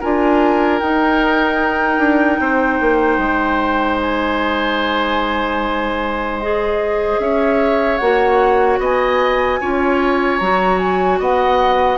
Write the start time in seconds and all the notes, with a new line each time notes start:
0.00 D4 F4 A#4 G#5
0.79 D#4 G5
1.99 D4
2.39 C4 C5
2.80 A#3
3.18 G#3
4.01 G#5
6.40 G#4 D#5
7.19 C#4 C#5 E5
7.98 A#3 F#4 F#5
8.79 B3 D#5 G#5
9.61 C#4 F4 C#5
10.38 F#3 F#4 A#5
10.79 G#5
11.19 B3 D#5 F#5